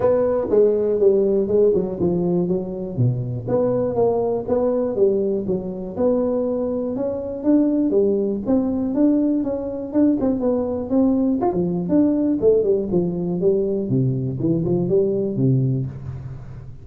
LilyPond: \new Staff \with { instrumentName = "tuba" } { \time 4/4 \tempo 4 = 121 b4 gis4 g4 gis8 fis8 | f4 fis4 b,4 b4 | ais4 b4 g4 fis4 | b2 cis'4 d'4 |
g4 c'4 d'4 cis'4 | d'8 c'8 b4 c'4 f'16 f8. | d'4 a8 g8 f4 g4 | c4 e8 f8 g4 c4 | }